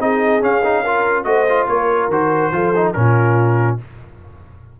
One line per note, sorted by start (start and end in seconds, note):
0.00 0.42 C4
0.00 0.41 D#4
0.00 0.83 G#4
0.00 0.43 D#5
0.41 0.62 C#4
0.41 1.25 C#4
0.41 1.24 F5
0.64 0.85 D#4
0.83 1.25 F4
0.83 1.25 A#4
1.24 1.67 A3
1.24 1.46 F#4
1.24 1.69 C5
1.24 1.66 D#5
1.49 2.12 F4
1.67 2.09 A#3
1.67 2.54 A#4
1.67 2.09 C#5
2.09 2.51 D#3
2.09 2.53 F#4
2.09 2.93 C5
2.52 2.94 F3
2.52 2.74 F4
2.52 2.96 A4
2.76 2.95 D#4
2.93 3.80 A#2
2.93 3.79 C#4
2.93 3.80 F4
2.93 3.77 A#4